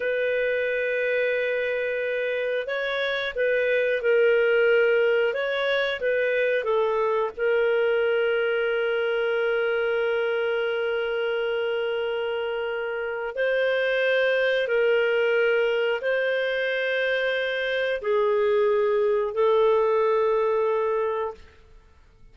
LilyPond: \new Staff \with { instrumentName = "clarinet" } { \time 4/4 \tempo 4 = 90 b'1 | cis''4 b'4 ais'2 | cis''4 b'4 a'4 ais'4~ | ais'1~ |
ais'1 | c''2 ais'2 | c''2. gis'4~ | gis'4 a'2. | }